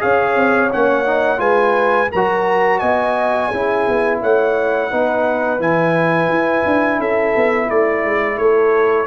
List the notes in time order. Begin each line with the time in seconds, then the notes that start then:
0.00 C#4 G#4 C#5 F5
0.36 C4
0.73 A#3 C#4 F#5
1.06 D#4
1.38 G#3 F4 B4 G#5
2.12 F#3 F#4 A#4 A#5
2.79 B3 D#5 G#5
3.49 C#4 E4 G#4
3.88 B3
4.22 A3 C#5 F#5
4.91 B3 D#4 B4
5.60 E3 E4 G#5
6.30 E4
6.66 D4
6.99 C#4 A4 E5
7.36 B3
7.67 A3 E4 D5
8.05 G#3
8.38 A3 A4 C#5